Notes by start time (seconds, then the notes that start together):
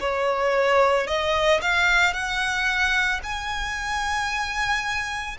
0.00 C#5
1.07 D#5
1.61 F5
2.13 F#5
3.23 G#5